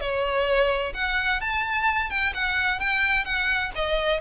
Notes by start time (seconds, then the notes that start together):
0.00 C#5
0.94 F#5
1.40 A5
2.10 G5
2.34 F#5
2.79 G5
3.24 F#5
3.75 D#5